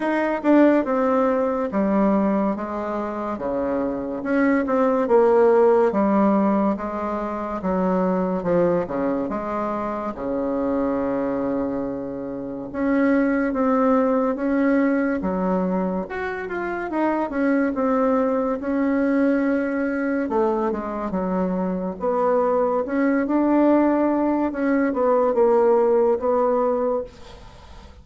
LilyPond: \new Staff \with { instrumentName = "bassoon" } { \time 4/4 \tempo 4 = 71 dis'8 d'8 c'4 g4 gis4 | cis4 cis'8 c'8 ais4 g4 | gis4 fis4 f8 cis8 gis4 | cis2. cis'4 |
c'4 cis'4 fis4 fis'8 f'8 | dis'8 cis'8 c'4 cis'2 | a8 gis8 fis4 b4 cis'8 d'8~ | d'4 cis'8 b8 ais4 b4 | }